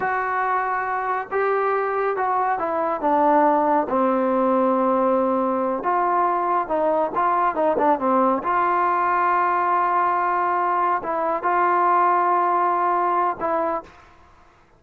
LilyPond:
\new Staff \with { instrumentName = "trombone" } { \time 4/4 \tempo 4 = 139 fis'2. g'4~ | g'4 fis'4 e'4 d'4~ | d'4 c'2.~ | c'4. f'2 dis'8~ |
dis'8 f'4 dis'8 d'8 c'4 f'8~ | f'1~ | f'4. e'4 f'4.~ | f'2. e'4 | }